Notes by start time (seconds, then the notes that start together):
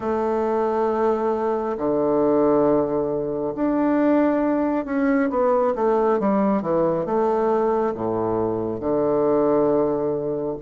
0.00 A3
1.77 D3
3.55 D4
4.85 C#4
5.29 B3
5.75 A3
6.19 G3
6.62 E3
7.05 A3
7.94 A2
8.80 D3